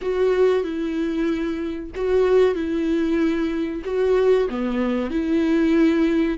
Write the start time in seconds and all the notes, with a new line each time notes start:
0.01 F#4
0.63 E4
1.95 F#4
2.54 E4
3.84 F#4
4.49 B3
5.10 E4